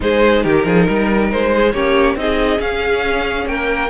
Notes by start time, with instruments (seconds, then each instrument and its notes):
0.00 cello G#3, viola D#4, violin G#4 C5
0.43 cello D#3, violin G4 A#4
0.65 cello F3, violin G#4
0.88 cello G3, violin A#4
1.31 cello G#3, violin C5
1.55 violin G#4
1.72 cello A#3, viola C#4, violin G4 C#5
2.15 cello C4, viola D#4, violin G#4 D#5
2.58 viola C#4, cello C#4, violin F5
3.45 cello A#3, violin A#4 G5